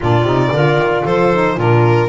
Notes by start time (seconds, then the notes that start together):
0.00 A#2 D4 F4 D5
0.23 C3 D#4
0.51 D3 F4 A#4
0.77 D#3
1.03 F3 A4 C5
1.32 D#4
1.56 A#2 D4 F4 A#4